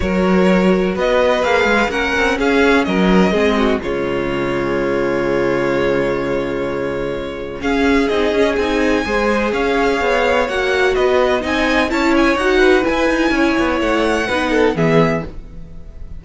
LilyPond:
<<
  \new Staff \with { instrumentName = "violin" } { \time 4/4 \tempo 4 = 126 cis''2 dis''4 f''4 | fis''4 f''4 dis''2 | cis''1~ | cis''1 |
f''4 dis''4 gis''2 | f''2 fis''4 dis''4 | gis''4 a''8 gis''8 fis''4 gis''4~ | gis''4 fis''2 e''4 | }
  \new Staff \with { instrumentName = "violin" } { \time 4/4 ais'2 b'2 | ais'4 gis'4 ais'4 gis'8 fis'8 | f'1~ | f'1 |
gis'2. c''4 | cis''2. b'4 | dis''4 cis''4. b'4. | cis''2 b'8 a'8 gis'4 | }
  \new Staff \with { instrumentName = "viola" } { \time 4/4 fis'2. gis'4 | cis'2. c'4 | gis1~ | gis1 |
cis'4 dis'8 cis'8 dis'4 gis'4~ | gis'2 fis'2 | dis'4 e'4 fis'4 e'4~ | e'2 dis'4 b4 | }
  \new Staff \with { instrumentName = "cello" } { \time 4/4 fis2 b4 ais8 gis8 | ais8 c'8 cis'4 fis4 gis4 | cis1~ | cis1 |
cis'4 c'8 cis'8 c'4 gis4 | cis'4 b4 ais4 b4 | c'4 cis'4 dis'4 e'8 dis'8 | cis'8 b8 a4 b4 e4 | }
>>